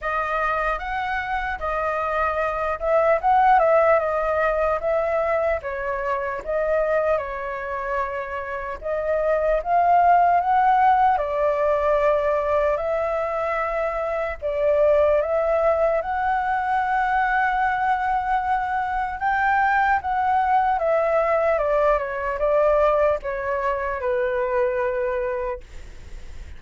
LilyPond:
\new Staff \with { instrumentName = "flute" } { \time 4/4 \tempo 4 = 75 dis''4 fis''4 dis''4. e''8 | fis''8 e''8 dis''4 e''4 cis''4 | dis''4 cis''2 dis''4 | f''4 fis''4 d''2 |
e''2 d''4 e''4 | fis''1 | g''4 fis''4 e''4 d''8 cis''8 | d''4 cis''4 b'2 | }